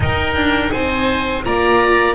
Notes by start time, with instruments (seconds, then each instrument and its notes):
0.00 double bass D#4, viola D#4, oboe A#4 G5
0.35 double bass D4
0.71 double bass C4, oboe C5 G#5
1.44 double bass A#3, viola F4, oboe D5 A#5